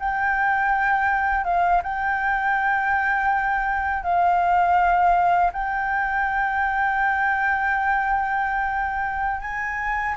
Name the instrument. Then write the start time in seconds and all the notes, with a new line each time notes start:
flute
0.00 G5
1.45 F5
1.83 G5
4.04 F5
5.53 G5
9.41 G#5